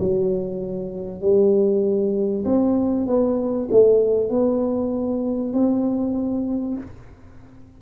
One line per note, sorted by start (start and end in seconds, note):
0.00 1.21 F#3
1.21 2.45 G3
2.45 3.07 C4
3.07 3.69 B3
3.71 4.30 A3
4.30 5.54 B3
5.54 6.78 C4